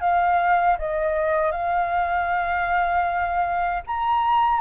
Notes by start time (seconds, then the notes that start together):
0.00 F5
0.78 D#5
1.51 F5
3.86 A#5